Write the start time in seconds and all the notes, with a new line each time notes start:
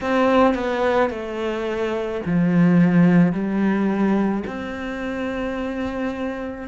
0.01 C4
0.54 B3
1.10 A3
2.25 F3
3.32 G3
4.46 C4